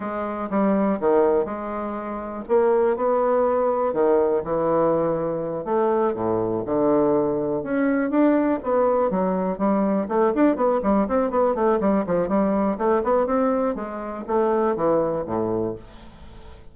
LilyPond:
\new Staff \with { instrumentName = "bassoon" } { \time 4/4 \tempo 4 = 122 gis4 g4 dis4 gis4~ | gis4 ais4 b2 | dis4 e2~ e8 a8~ | a8 a,4 d2 cis'8~ |
cis'8 d'4 b4 fis4 g8~ | g8 a8 d'8 b8 g8 c'8 b8 a8 | g8 f8 g4 a8 b8 c'4 | gis4 a4 e4 a,4 | }